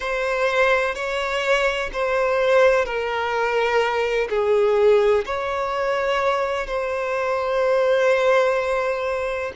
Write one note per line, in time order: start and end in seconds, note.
0.00 0.94 C5
0.94 1.90 C#5
1.92 2.85 C5
2.85 4.28 A#4
4.29 5.24 G#4
5.26 6.66 C#5
6.66 9.52 C5